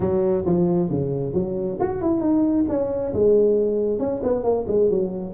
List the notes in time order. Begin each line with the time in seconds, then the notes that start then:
0.00 F#3
0.45 F3
0.89 C#3
1.33 F#3
1.79 F#4
2.01 E4
2.20 D#4
2.68 C#4
3.13 G#3
3.99 C#4
4.23 B3
4.43 A#3
4.67 G#3
4.89 F#3